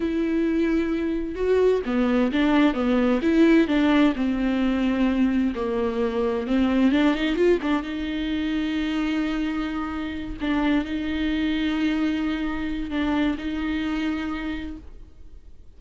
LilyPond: \new Staff \with { instrumentName = "viola" } { \time 4/4 \tempo 4 = 130 e'2. fis'4 | b4 d'4 b4 e'4 | d'4 c'2. | ais2 c'4 d'8 dis'8 |
f'8 d'8 dis'2.~ | dis'2~ dis'8 d'4 dis'8~ | dis'1 | d'4 dis'2. | }